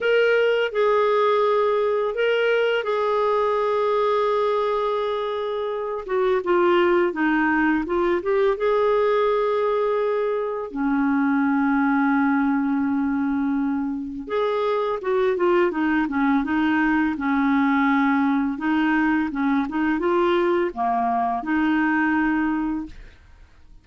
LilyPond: \new Staff \with { instrumentName = "clarinet" } { \time 4/4 \tempo 4 = 84 ais'4 gis'2 ais'4 | gis'1~ | gis'8 fis'8 f'4 dis'4 f'8 g'8 | gis'2. cis'4~ |
cis'1 | gis'4 fis'8 f'8 dis'8 cis'8 dis'4 | cis'2 dis'4 cis'8 dis'8 | f'4 ais4 dis'2 | }